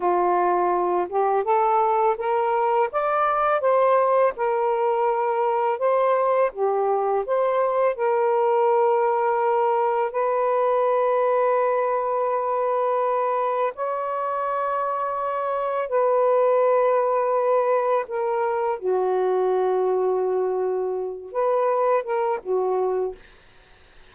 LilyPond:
\new Staff \with { instrumentName = "saxophone" } { \time 4/4 \tempo 4 = 83 f'4. g'8 a'4 ais'4 | d''4 c''4 ais'2 | c''4 g'4 c''4 ais'4~ | ais'2 b'2~ |
b'2. cis''4~ | cis''2 b'2~ | b'4 ais'4 fis'2~ | fis'4. b'4 ais'8 fis'4 | }